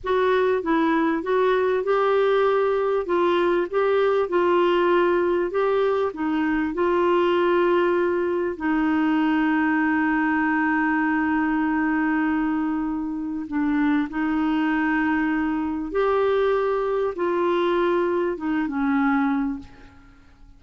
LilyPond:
\new Staff \with { instrumentName = "clarinet" } { \time 4/4 \tempo 4 = 98 fis'4 e'4 fis'4 g'4~ | g'4 f'4 g'4 f'4~ | f'4 g'4 dis'4 f'4~ | f'2 dis'2~ |
dis'1~ | dis'2 d'4 dis'4~ | dis'2 g'2 | f'2 dis'8 cis'4. | }